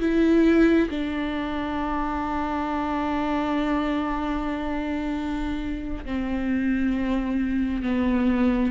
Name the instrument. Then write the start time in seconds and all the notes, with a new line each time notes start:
viola
0.00 E4
0.90 D4
6.05 C4
7.83 B3